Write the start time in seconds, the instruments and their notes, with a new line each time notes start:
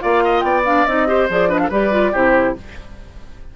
0.00 bassoon A#3, clarinet F4, oboe D5, flute F5
0.24 oboe D#5
0.40 bassoon B3, oboe D5, flute G5
0.65 clarinet D4, flute F5
0.85 bassoon C4, clarinet D#4, flute D#5
1.07 clarinet G4, oboe C5
1.29 bassoon F3, clarinet G#4, flute D5
1.48 clarinet D4, oboe B4, flute D#5
1.58 oboe A4, flute F5
1.69 bassoon G3, clarinet G4, oboe B4, flute D5
1.91 clarinet F4
2.12 bassoon C3, clarinet E4, oboe G4, flute C5